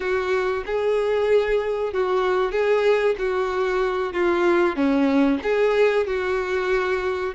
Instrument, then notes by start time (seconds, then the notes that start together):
violin
0.00 F#4
0.66 G#4
1.93 F#4
2.51 G#4
3.18 F#4
4.13 F4
4.76 C#4
5.43 G#4
6.06 F#4